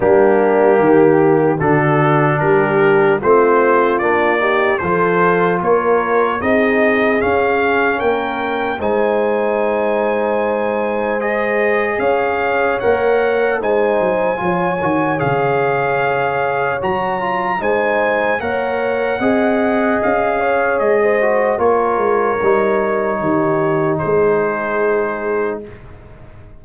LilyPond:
<<
  \new Staff \with { instrumentName = "trumpet" } { \time 4/4 \tempo 4 = 75 g'2 a'4 ais'4 | c''4 d''4 c''4 cis''4 | dis''4 f''4 g''4 gis''4~ | gis''2 dis''4 f''4 |
fis''4 gis''2 f''4~ | f''4 ais''4 gis''4 fis''4~ | fis''4 f''4 dis''4 cis''4~ | cis''2 c''2 | }
  \new Staff \with { instrumentName = "horn" } { \time 4/4 d'4 g'4 fis'4 g'4 | f'4. g'8 a'4 ais'4 | gis'2 ais'4 c''4~ | c''2. cis''4~ |
cis''4 c''4 cis''2~ | cis''2 c''4 cis''4 | dis''4. cis''8. c''8. ais'4~ | ais'4 g'4 gis'2 | }
  \new Staff \with { instrumentName = "trombone" } { \time 4/4 ais2 d'2 | c'4 d'8 dis'8 f'2 | dis'4 cis'2 dis'4~ | dis'2 gis'2 |
ais'4 dis'4 f'8 fis'8 gis'4~ | gis'4 fis'8 f'8 dis'4 ais'4 | gis'2~ gis'8 fis'8 f'4 | dis'1 | }
  \new Staff \with { instrumentName = "tuba" } { \time 4/4 g4 dis4 d4 g4 | a4 ais4 f4 ais4 | c'4 cis'4 ais4 gis4~ | gis2. cis'4 |
ais4 gis8 fis8 f8 dis8 cis4~ | cis4 fis4 gis4 ais4 | c'4 cis'4 gis4 ais8 gis8 | g4 dis4 gis2 | }
>>